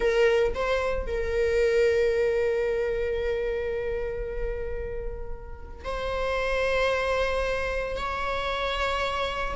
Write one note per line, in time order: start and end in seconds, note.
0.00 0.53 A#4
0.54 1.06 C5
1.06 5.84 A#4
5.84 7.96 C5
7.96 9.55 C#5